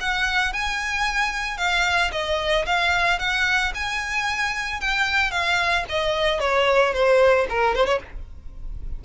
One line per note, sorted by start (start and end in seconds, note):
0.00 0.53 F#5
0.53 1.57 G#5
1.57 2.11 F5
2.12 2.65 D#5
2.66 3.19 F5
3.19 3.73 F#5
3.75 4.80 G#5
4.80 5.31 G5
5.31 5.85 F5
5.89 6.40 D#5
6.40 6.93 C#5
6.93 7.47 C5
7.50 7.75 A#4
7.75 7.86 C5
7.86 7.99 C#5